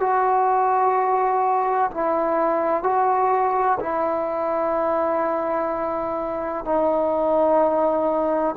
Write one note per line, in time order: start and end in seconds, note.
0.00 1.90 F#4
1.90 2.83 E4
2.83 3.78 F#4
3.80 6.65 E4
6.65 8.55 D#4